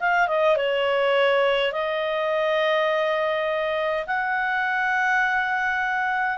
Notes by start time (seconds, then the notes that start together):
0.00 F5
0.28 D#5
0.57 C#5
1.73 D#5
4.07 F#5